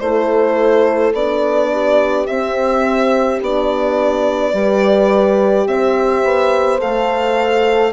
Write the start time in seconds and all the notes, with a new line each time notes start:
0.00 A3 E4 A4 C5
1.14 B3 D4 D5
1.72 G4
2.27 C4 E5
3.42 B3 D4 D5
4.53 G3 G4 B4
5.67 C4 C5 E5
6.24 B3
6.79 A3 A4 F5